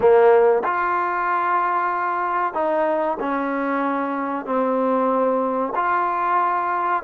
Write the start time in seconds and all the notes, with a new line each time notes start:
0.00 A#3
0.64 F4
2.53 D#4
3.19 C#4
4.45 C4
5.75 F4